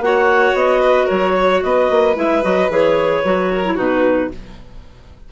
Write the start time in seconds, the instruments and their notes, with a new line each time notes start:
0.00 bassoon A#3, clarinet F#4 F#5, violin C#5
0.54 bassoon B3, clarinet D#5
0.81 violin B4
1.06 bassoon F#3, violin A#4, clarinet C#5
1.36 violin C#5
1.62 bassoon B3, violin B4, clarinet D#5
1.90 bassoon A#3
2.16 bassoon G#3, clarinet E4 E5
2.43 bassoon F#3, clarinet F#4 D#5
2.69 bassoon E3, clarinet G#4 C#5
3.25 bassoon F#3, clarinet F#4
3.52 violin A#4
3.65 clarinet E4
3.75 bassoon B2, clarinet D#4 B4, violin F#4